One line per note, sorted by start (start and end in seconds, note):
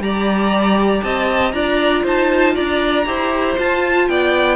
0.00 1.02 G3
0.00 1.54 G4
0.00 1.04 D5
0.00 1.03 A#5
1.03 1.54 C4
1.03 1.55 D#5
1.03 1.53 A5
1.53 2.04 D4
1.53 3.06 F4
1.53 2.04 D5
1.53 2.04 A#5
2.04 2.56 D#4
2.04 2.55 C5
2.04 2.57 A5
2.55 3.07 D4
2.55 3.06 D5
2.55 3.58 A#5
3.06 3.58 E4
3.06 3.56 G4
3.06 4.10 C5
3.57 4.57 F4
3.57 4.09 F4
3.57 4.09 A5
4.09 4.57 B3
4.09 4.57 D5
4.09 4.57 G5